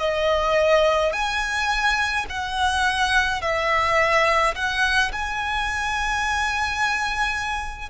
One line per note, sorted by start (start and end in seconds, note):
0.00 1.13 D#5
1.13 2.26 G#5
2.30 3.42 F#5
3.42 4.55 E5
4.55 5.12 F#5
5.13 7.90 G#5